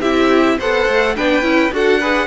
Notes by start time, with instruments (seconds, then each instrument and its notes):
0.00 cello C4, viola E4, violin G4 E5
0.58 cello B3, viola A4, violin C5 F#5
0.88 cello A3
1.16 cello B3, viola D4, violin B4 G5
1.42 cello C#4, viola E4
1.72 cello D4, viola F#4, violin A4 F#5
1.99 viola G#4, violin B4